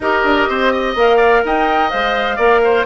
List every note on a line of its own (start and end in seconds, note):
0.00 0.23 D#4
0.00 0.97 G4
0.00 0.49 A#4
0.00 0.97 D#5
0.23 0.47 D4
0.49 0.95 C4
0.49 0.72 C5
0.72 1.16 D#5
0.95 1.42 A#3
0.95 1.90 A#4
0.95 1.44 F5
1.16 1.40 D5
1.44 1.92 D#4
1.44 2.36 D#5
1.44 1.90 G5
1.90 2.37 G#3
1.90 2.37 C5
1.90 2.85 F5
2.36 2.85 A#3
2.36 2.86 A#4
2.36 2.59 D5
2.64 2.86 C5